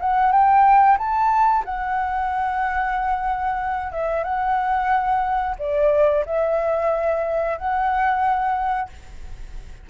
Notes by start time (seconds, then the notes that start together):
0.00 F#5
0.32 G5
0.98 A5
1.65 F#5
3.92 E5
4.24 F#5
5.59 D5
6.26 E5
7.58 F#5